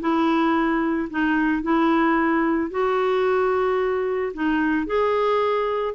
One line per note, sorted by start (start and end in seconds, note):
0.00 1.08 E4
1.10 1.62 D#4
1.62 2.70 E4
2.70 4.32 F#4
4.34 4.86 D#4
4.86 5.94 G#4